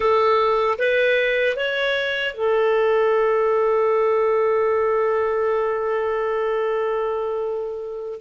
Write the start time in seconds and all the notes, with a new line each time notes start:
0.00 A4
0.78 B4
1.56 C#5
2.34 A4